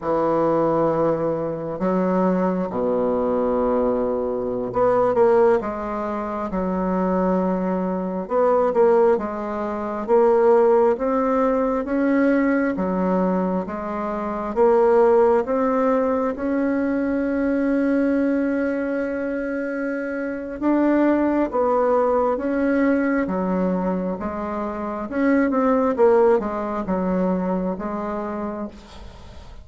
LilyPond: \new Staff \with { instrumentName = "bassoon" } { \time 4/4 \tempo 4 = 67 e2 fis4 b,4~ | b,4~ b,16 b8 ais8 gis4 fis8.~ | fis4~ fis16 b8 ais8 gis4 ais8.~ | ais16 c'4 cis'4 fis4 gis8.~ |
gis16 ais4 c'4 cis'4.~ cis'16~ | cis'2. d'4 | b4 cis'4 fis4 gis4 | cis'8 c'8 ais8 gis8 fis4 gis4 | }